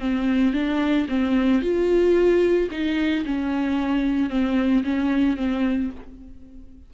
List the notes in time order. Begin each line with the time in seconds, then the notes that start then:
0.00 C4
0.54 D4
1.09 C4
1.62 F4
2.71 D#4
3.25 C#4
4.30 C4
4.84 C#4
5.36 C4